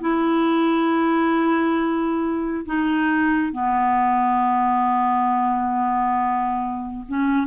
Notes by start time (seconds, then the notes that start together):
0.00 E4
2.65 D#4
3.52 B3
7.08 C#4